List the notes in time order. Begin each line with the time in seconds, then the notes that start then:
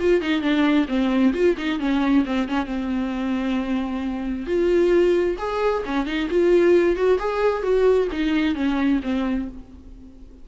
0.00 F4
0.22 D#4
0.42 D4
0.88 C4
1.34 F4
1.58 D#4
1.80 C#4
2.26 C4
2.49 C#4
2.66 C4
4.47 F4
5.38 G#4
5.86 C#4
6.06 D#4
6.31 F4
6.96 F#4
7.20 G#4
7.63 F#4
8.12 D#4
8.55 C#4
9.03 C4